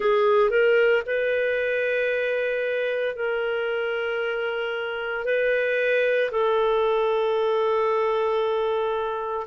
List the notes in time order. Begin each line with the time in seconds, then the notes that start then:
0.00 G#4
0.50 A#4
1.05 B4
3.15 A#4
5.24 B4
6.31 A4